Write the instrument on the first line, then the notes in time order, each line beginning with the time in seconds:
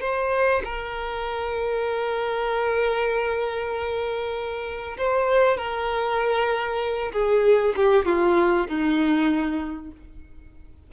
violin
0.00 C5
0.64 A#4
4.97 C5
5.57 A#4
7.12 G#4
7.75 G4
8.05 F4
8.67 D#4